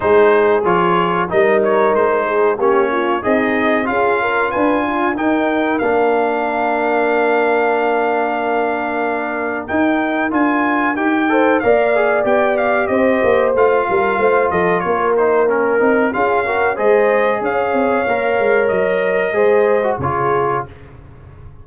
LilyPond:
<<
  \new Staff \with { instrumentName = "trumpet" } { \time 4/4 \tempo 4 = 93 c''4 cis''4 dis''8 cis''8 c''4 | cis''4 dis''4 f''4 gis''4 | g''4 f''2.~ | f''2. g''4 |
gis''4 g''4 f''4 g''8 f''8 | dis''4 f''4. dis''8 cis''8 c''8 | ais'4 f''4 dis''4 f''4~ | f''4 dis''2 cis''4 | }
  \new Staff \with { instrumentName = "horn" } { \time 4/4 gis'2 ais'4. gis'8 | g'8 f'8 dis'4 gis'8 ais'8 b'8 f'8 | ais'1~ | ais'1~ |
ais'4. c''8 d''2 | c''4. ais'8 c''8 a'8 ais'4~ | ais'4 gis'8 ais'8 c''4 cis''4~ | cis''2 c''4 gis'4 | }
  \new Staff \with { instrumentName = "trombone" } { \time 4/4 dis'4 f'4 dis'2 | cis'4 gis'4 f'2 | dis'4 d'2.~ | d'2. dis'4 |
f'4 g'8 a'8 ais'8 gis'8 g'4~ | g'4 f'2~ f'8 dis'8 | cis'8 dis'8 f'8 fis'8 gis'2 | ais'2 gis'8. fis'16 f'4 | }
  \new Staff \with { instrumentName = "tuba" } { \time 4/4 gis4 f4 g4 gis4 | ais4 c'4 cis'4 d'4 | dis'4 ais2.~ | ais2. dis'4 |
d'4 dis'4 ais4 b4 | c'8 ais8 a8 g8 a8 f8 ais4~ | ais8 c'8 cis'4 gis4 cis'8 c'8 | ais8 gis8 fis4 gis4 cis4 | }
>>